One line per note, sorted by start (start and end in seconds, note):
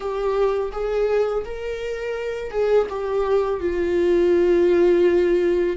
0.00 0.71 G4
0.72 1.44 G#4
1.45 2.50 A#4
2.50 2.87 G#4
2.89 3.60 G4
3.60 5.76 F4